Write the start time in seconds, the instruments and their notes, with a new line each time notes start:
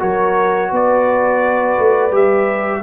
0.00 tuba F#3, trombone F#4, horn A#4, trumpet C#5
0.71 tuba B3, horn B4, trumpet D5
1.79 tuba A3
2.12 tuba G3, trombone G4, trumpet E5